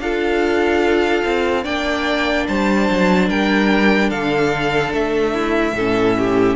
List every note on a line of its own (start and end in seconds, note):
0.00 1.23 D4
0.00 1.63 F4
0.00 1.64 A4
0.00 1.65 F5
1.24 1.65 C4
1.63 2.47 A#3
1.63 5.74 D4
1.63 2.46 D5
1.63 2.47 G5
2.48 2.89 G3
2.48 3.29 C5
2.48 3.30 A5
2.90 3.29 F#3
3.29 4.12 G3
3.29 4.09 A#4
3.29 4.10 G5
4.09 4.93 D3
4.09 5.33 A4
4.09 4.92 F5
4.93 5.73 A3
4.93 6.56 E5
5.34 5.75 E4
5.73 6.55 A2
5.73 6.56 C#4
5.73 6.17 A4
6.18 6.56 G4